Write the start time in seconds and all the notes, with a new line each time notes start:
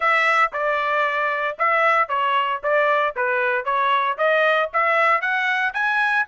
0.00 E5
0.52 D5
1.58 E5
2.08 C#5
2.63 D5
3.15 B4
3.65 C#5
4.17 D#5
4.73 E5
5.21 F#5
5.73 G#5